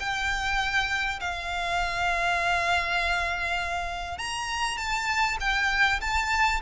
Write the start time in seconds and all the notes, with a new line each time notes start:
0.00 G5
1.20 F5
4.18 A#5
4.77 A5
5.40 G5
6.01 A5